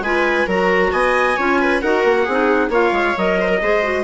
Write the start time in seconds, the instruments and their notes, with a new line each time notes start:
0.00 bassoon G#3, clarinet F4, viola B4, trumpet G#5
0.47 bassoon F#3, clarinet F#4, viola A#4, trumpet A#5
0.92 bassoon B3, viola D#5, trumpet G#5
1.37 bassoon C#4, clarinet F4, viola C#5
1.60 viola B4
1.81 bassoon D#4, clarinet F#4, viola A#4, trumpet F#5
2.04 bassoon A#3
2.24 bassoon C4, viola G#4
2.30 clarinet D#4
2.69 bassoon A#3, clarinet F4, viola C#5, trumpet F5
2.92 bassoon G#3
3.17 bassoon F#3, clarinet A#4, trumpet D#5
3.40 viola C5
3.49 viola A#4
3.62 bassoon G#3, clarinet G#4, viola C5
3.83 clarinet F#4